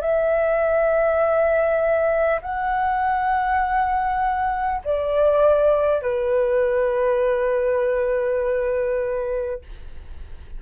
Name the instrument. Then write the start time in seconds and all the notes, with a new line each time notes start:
flute
0.00 E5
2.42 F#5
4.84 D5
6.01 B4